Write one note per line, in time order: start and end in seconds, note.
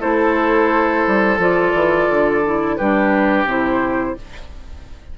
0.00 1.06 A3
0.00 1.38 E4
0.00 2.76 A4
0.00 1.39 C5
1.07 1.38 G3
1.38 1.72 F3
1.38 2.43 F4
1.38 2.76 D5
1.74 2.08 E3
2.09 2.78 D3
2.45 2.79 E4
2.76 3.44 G3
2.76 3.48 D4
2.76 4.16 G4
2.76 3.45 B4
3.44 4.13 C3
3.44 4.17 E4
3.44 4.18 C5